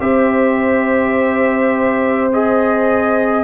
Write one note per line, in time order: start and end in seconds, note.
0.00 3.44 C4
0.00 2.31 G4
0.00 3.44 C5
0.00 2.31 E5
2.32 3.44 G#4
2.32 3.44 D#5